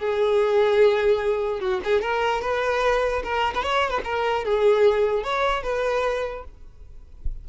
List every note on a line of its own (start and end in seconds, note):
0.00 1.61 G#4
1.61 1.81 F#4
1.85 2.02 G#4
2.02 2.42 A#4
2.42 3.23 B4
3.24 3.54 A#4
3.55 3.64 B4
3.64 3.91 C#5
3.91 4.01 B4
4.05 4.45 A#4
4.45 5.24 G#4
5.24 5.64 C#5
5.64 6.45 B4